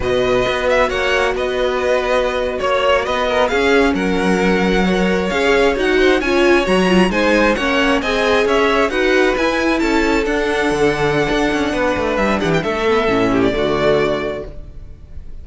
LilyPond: <<
  \new Staff \with { instrumentName = "violin" } { \time 4/4 \tempo 4 = 133 dis''4. e''8 fis''4 dis''4~ | dis''4.~ dis''16 cis''4 dis''4 f''16~ | f''8. fis''2. f''16~ | f''8. fis''4 gis''4 ais''4 gis''16~ |
gis''8. fis''4 gis''4 e''4 fis''16~ | fis''8. gis''4 a''4 fis''4~ fis''16~ | fis''2. e''8 fis''16 g''16 | e''4.~ e''16 d''2~ d''16 | }
  \new Staff \with { instrumentName = "violin" } { \time 4/4 b'2 cis''4 b'4~ | b'4.~ b'16 cis''4 b'8 ais'8 gis'16~ | gis'8. ais'2 cis''4~ cis''16~ | cis''4~ cis''16 c''8 cis''2 c''16~ |
c''8. cis''4 dis''4 cis''4 b'16~ | b'4.~ b'16 a'2~ a'16~ | a'2 b'4. g'8 | a'4. g'8 fis'2 | }
  \new Staff \with { instrumentName = "viola" } { \time 4/4 fis'1~ | fis'2.~ fis'8. cis'16~ | cis'2~ cis'8. ais'4 gis'16~ | gis'8. fis'4 f'4 fis'8 f'8 dis'16~ |
dis'8. cis'4 gis'2 fis'16~ | fis'8. e'2 d'4~ d'16~ | d'1~ | d'8 b8 cis'4 a2 | }
  \new Staff \with { instrumentName = "cello" } { \time 4/4 b,4 b4 ais4 b4~ | b4.~ b16 ais4 b4 cis'16~ | cis'8. fis2. cis'16~ | cis'8. dis'4 cis'4 fis4 gis16~ |
gis8. ais4 c'4 cis'4 dis'16~ | dis'8. e'4 cis'4 d'4 d16~ | d4 d'8 cis'8 b8 a8 g8 e8 | a4 a,4 d2 | }
>>